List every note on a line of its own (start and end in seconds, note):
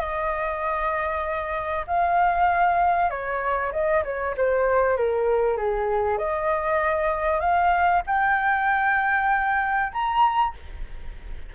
0.00 1.86 D#5
1.88 3.11 F5
3.11 3.73 C#5
3.73 4.04 D#5
4.05 4.36 C#5
4.37 4.97 C5
4.97 5.57 A#4
5.57 6.18 G#4
6.18 7.41 D#5
7.41 8.03 F5
8.07 9.93 G5
9.93 10.55 A#5